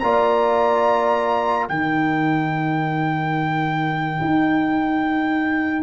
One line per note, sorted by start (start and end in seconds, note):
0.00 1.70 A#3
0.00 1.69 F4
0.00 1.69 D5
0.00 1.67 A#5
1.69 4.20 D#3
1.69 5.83 D#4
1.69 5.83 A#4
1.69 5.83 G5
4.21 5.83 D#4